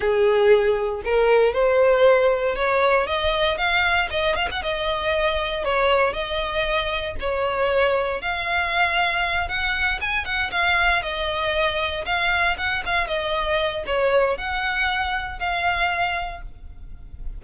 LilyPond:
\new Staff \with { instrumentName = "violin" } { \time 4/4 \tempo 4 = 117 gis'2 ais'4 c''4~ | c''4 cis''4 dis''4 f''4 | dis''8 f''16 fis''16 dis''2 cis''4 | dis''2 cis''2 |
f''2~ f''8 fis''4 gis''8 | fis''8 f''4 dis''2 f''8~ | f''8 fis''8 f''8 dis''4. cis''4 | fis''2 f''2 | }